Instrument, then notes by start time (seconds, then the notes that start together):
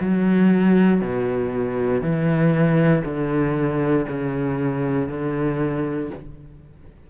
cello
0.00 F#3
1.01 B2
2.01 E3
3.04 D3
4.08 C#3
5.08 D3